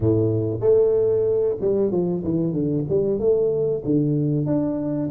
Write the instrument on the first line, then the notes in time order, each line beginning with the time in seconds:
tuba
0.00 A2
0.60 A3
1.60 G3
1.91 F3
2.24 E3
2.52 D3
2.88 G3
3.19 A3
3.84 D3
4.45 D4